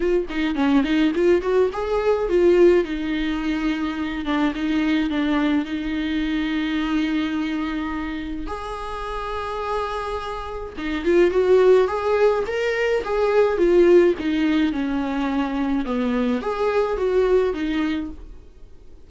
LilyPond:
\new Staff \with { instrumentName = "viola" } { \time 4/4 \tempo 4 = 106 f'8 dis'8 cis'8 dis'8 f'8 fis'8 gis'4 | f'4 dis'2~ dis'8 d'8 | dis'4 d'4 dis'2~ | dis'2. gis'4~ |
gis'2. dis'8 f'8 | fis'4 gis'4 ais'4 gis'4 | f'4 dis'4 cis'2 | b4 gis'4 fis'4 dis'4 | }